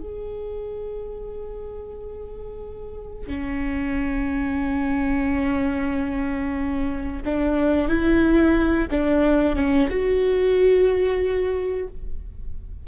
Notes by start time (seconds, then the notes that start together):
0.00 G#4
3.28 C#4
7.26 D4
7.89 E4
8.91 D4
9.56 C#4
9.90 F#4